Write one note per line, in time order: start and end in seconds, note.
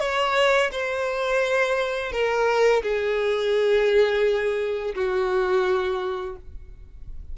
0.00 0.71 C#5
0.72 2.12 C5
2.12 2.82 A#4
2.83 4.94 G#4
4.95 6.36 F#4